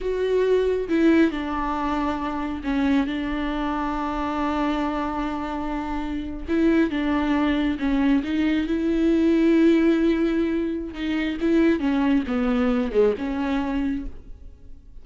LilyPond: \new Staff \with { instrumentName = "viola" } { \time 4/4 \tempo 4 = 137 fis'2 e'4 d'4~ | d'2 cis'4 d'4~ | d'1~ | d'2~ d'8. e'4 d'16~ |
d'4.~ d'16 cis'4 dis'4 e'16~ | e'1~ | e'4 dis'4 e'4 cis'4 | b4. gis8 cis'2 | }